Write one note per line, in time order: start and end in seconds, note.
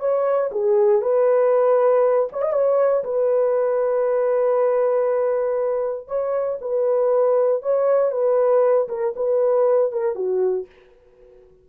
0.00 0.51 C#5
0.52 1.02 G#4
1.02 2.29 B4
2.33 2.42 C#5
2.42 2.53 D#5
2.53 3.04 C#5
3.04 6.08 B4
6.08 6.59 C#5
6.61 7.63 B4
7.63 8.12 C#5
8.12 8.88 B4
8.89 9.14 A#4
9.16 9.92 B4
9.92 10.16 A#4
10.16 10.66 F#4